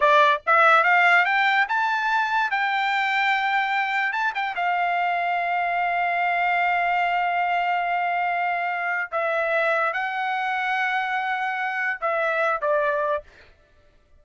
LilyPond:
\new Staff \with { instrumentName = "trumpet" } { \time 4/4 \tempo 4 = 145 d''4 e''4 f''4 g''4 | a''2 g''2~ | g''2 a''8 g''8 f''4~ | f''1~ |
f''1~ | f''2 e''2 | fis''1~ | fis''4 e''4. d''4. | }